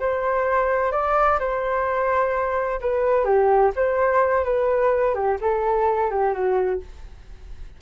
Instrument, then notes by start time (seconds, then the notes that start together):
flute
0.00 C5
0.92 D5
1.40 C5
2.81 B4
3.25 G4
3.76 C5
4.44 B4
5.15 G4
5.41 A4
6.11 G4
6.33 F#4